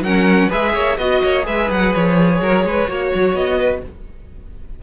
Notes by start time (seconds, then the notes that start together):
0.00 F#3 C#4 A#4 F#5
0.48 G#3 G#4 B4 E5
0.74 A#3 C#5
0.97 B3 F#4 D#5
1.23 A#3 C#5
1.42 G#3 G#4 B4 E5
1.70 F#3 F#5
1.94 F3 C#5
2.41 F#3 A#4
2.64 G#3 B4
2.87 A#3 F#4 C#5
3.14 F#3
3.33 B3 D#5
3.58 B4